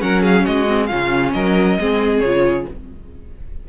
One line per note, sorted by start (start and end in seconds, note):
0.00 0.46 F#3
0.00 0.66 C#4
0.00 0.22 A#4
0.00 0.23 F#5
0.22 0.44 G#4
0.22 0.46 F5
0.44 0.92 G#3
0.44 0.88 F#4
0.44 0.87 D#5
0.68 0.90 C4
0.87 1.34 C#3
0.87 1.79 C#4
0.87 1.33 F4
0.87 1.31 F5
1.33 1.78 F#3
1.33 1.79 A#4
1.33 2.20 D#5
1.79 2.21 G#3
1.79 2.24 C4
1.79 2.68 G#4
2.20 2.65 C#3
2.20 2.69 F4
2.20 2.64 C#5